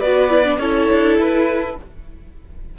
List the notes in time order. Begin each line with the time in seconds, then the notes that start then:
0.00 B3 F#4 B4 D5
0.30 E4
0.44 D4
0.58 C#4 E4 A4 C#5
0.91 D4
1.18 E4 B4